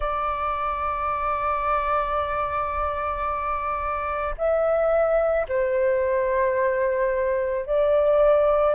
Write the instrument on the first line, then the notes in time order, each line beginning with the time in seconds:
flute
0.00 D5
4.37 E5
5.48 C5
7.66 D5